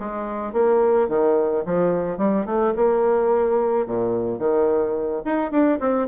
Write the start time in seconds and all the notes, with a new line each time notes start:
0.00 G#3
0.54 A#3
1.09 D#3
1.66 F3
2.18 G3
2.46 A3
2.77 A#3
3.87 A#2
4.39 D#3
5.25 D#4
5.52 D4
5.81 C4